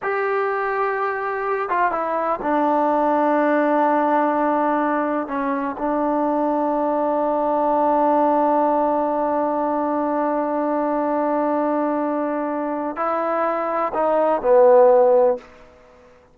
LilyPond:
\new Staff \with { instrumentName = "trombone" } { \time 4/4 \tempo 4 = 125 g'2.~ g'8 f'8 | e'4 d'2.~ | d'2. cis'4 | d'1~ |
d'1~ | d'1~ | d'2. e'4~ | e'4 dis'4 b2 | }